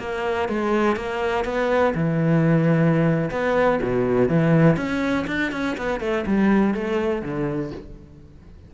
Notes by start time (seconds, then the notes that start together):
0.00 A#3
0.49 G#3
0.97 A#3
1.45 B3
1.95 E3
3.31 B3
3.83 B2
4.29 E3
4.77 C#4
5.28 D4
5.52 C#4
5.78 B3
6.00 A3
6.27 G3
6.75 A3
7.23 D3